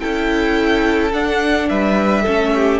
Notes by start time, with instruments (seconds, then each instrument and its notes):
0.00 cello C#4, viola E4, violin A4 G5
1.13 cello D4, viola D4, violin F#5
1.69 cello G3, violin B4 E5
2.22 cello A3, viola C#4, violin A4
2.55 violin G4